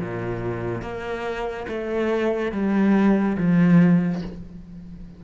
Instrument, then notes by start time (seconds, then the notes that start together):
cello
0.00 A#2
0.82 A#3
1.68 A3
2.52 G3
3.37 F3